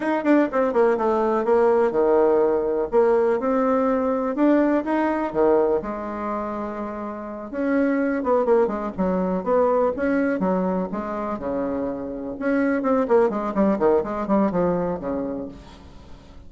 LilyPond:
\new Staff \with { instrumentName = "bassoon" } { \time 4/4 \tempo 4 = 124 dis'8 d'8 c'8 ais8 a4 ais4 | dis2 ais4 c'4~ | c'4 d'4 dis'4 dis4 | gis2.~ gis8 cis'8~ |
cis'4 b8 ais8 gis8 fis4 b8~ | b8 cis'4 fis4 gis4 cis8~ | cis4. cis'4 c'8 ais8 gis8 | g8 dis8 gis8 g8 f4 cis4 | }